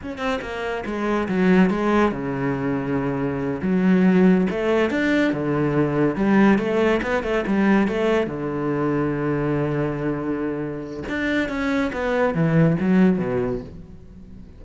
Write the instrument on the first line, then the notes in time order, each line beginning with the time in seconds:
cello
0.02 C#4
0.18 C4
0.41 A#3
0.85 G#3
1.28 F#3
1.70 G#3
2.11 C#3
3.62 F#3
4.50 A3
4.90 D4
5.32 D3
6.15 G3
6.58 A3
7.02 B3
7.23 A3
7.46 G3
7.87 A3
8.26 D3
11.09 D4
11.48 C#4
11.92 B3
12.34 E3
12.80 F#3
13.18 B2